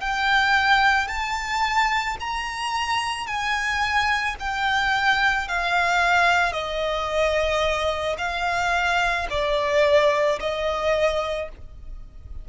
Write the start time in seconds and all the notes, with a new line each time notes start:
0.00 G5
1.07 A5
2.20 A#5
3.26 G#5
4.39 G5
5.48 F5
6.52 D#5
8.18 F5
9.30 D5
10.39 D#5